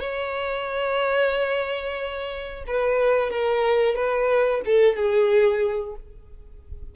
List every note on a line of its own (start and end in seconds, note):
0.00 2.64 C#5
2.67 3.30 B4
3.30 3.95 A#4
3.95 4.61 B4
4.65 4.96 A4
4.96 5.95 G#4